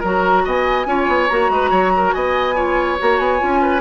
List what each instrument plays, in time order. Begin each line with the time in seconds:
0.00 bassoon F#3, clarinet F#4, oboe A#4, flute A#5
0.44 bassoon B3, oboe D#5, flute G#5
0.86 bassoon C#4, clarinet F4, oboe C#5
1.07 bassoon B3
1.28 bassoon A#3, clarinet F#4, flute A#5
1.50 bassoon G#3, oboe B4
1.70 bassoon F#3, oboe C#5
1.97 oboe A#4
2.13 bassoon B3, oboe D#5, flute G#5
2.55 clarinet F4, oboe C#5
2.98 bassoon A#3, clarinet F#4, flute A#5
3.19 bassoon B3, flute G#5
3.39 bassoon C#4, clarinet F4
3.61 oboe B4